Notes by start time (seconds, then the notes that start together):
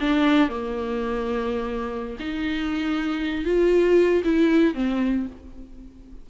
0.00 D4
0.49 A#3
2.19 D#4
3.45 F4
4.24 E4
4.74 C4